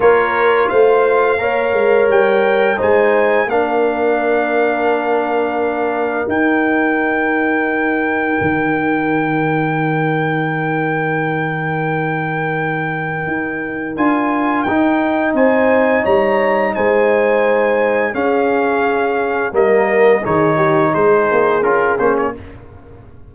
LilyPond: <<
  \new Staff \with { instrumentName = "trumpet" } { \time 4/4 \tempo 4 = 86 cis''4 f''2 g''4 | gis''4 f''2.~ | f''4 g''2.~ | g''1~ |
g''1 | gis''4 g''4 gis''4 ais''4 | gis''2 f''2 | dis''4 cis''4 c''4 ais'8 c''16 cis''16 | }
  \new Staff \with { instrumentName = "horn" } { \time 4/4 ais'4 c''4 cis''2 | c''4 ais'2.~ | ais'1~ | ais'1~ |
ais'1~ | ais'2 c''4 cis''4 | c''2 gis'2 | ais'4 gis'8 g'8 gis'2 | }
  \new Staff \with { instrumentName = "trombone" } { \time 4/4 f'2 ais'2 | dis'4 d'2.~ | d'4 dis'2.~ | dis'1~ |
dis'1 | f'4 dis'2.~ | dis'2 cis'2 | ais4 dis'2 f'8 cis'8 | }
  \new Staff \with { instrumentName = "tuba" } { \time 4/4 ais4 a4 ais8 gis8 g4 | gis4 ais2.~ | ais4 dis'2. | dis1~ |
dis2. dis'4 | d'4 dis'4 c'4 g4 | gis2 cis'2 | g4 dis4 gis8 ais8 cis'8 ais8 | }
>>